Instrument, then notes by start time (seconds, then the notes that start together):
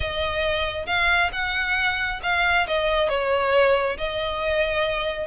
violin
0.00 D#5
0.86 F5
1.32 F#5
2.22 F5
2.67 D#5
3.09 C#5
3.97 D#5